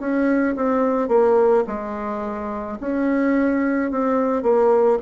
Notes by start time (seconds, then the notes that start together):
0.00 C#4
0.56 C4
1.09 A#3
1.67 G#3
2.81 C#4
3.91 C4
4.43 A#3